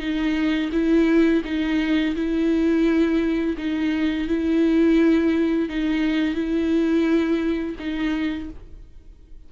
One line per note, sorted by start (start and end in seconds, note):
0.00 0.71 D#4
0.73 1.43 E4
1.45 2.15 D#4
2.16 3.57 E4
3.58 4.28 D#4
4.28 5.69 E4
5.70 6.35 D#4
6.35 7.76 E4
7.79 8.50 D#4